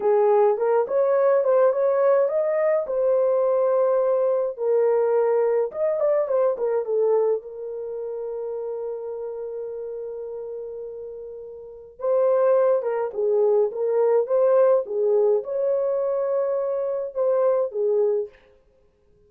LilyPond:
\new Staff \with { instrumentName = "horn" } { \time 4/4 \tempo 4 = 105 gis'4 ais'8 cis''4 c''8 cis''4 | dis''4 c''2. | ais'2 dis''8 d''8 c''8 ais'8 | a'4 ais'2.~ |
ais'1~ | ais'4 c''4. ais'8 gis'4 | ais'4 c''4 gis'4 cis''4~ | cis''2 c''4 gis'4 | }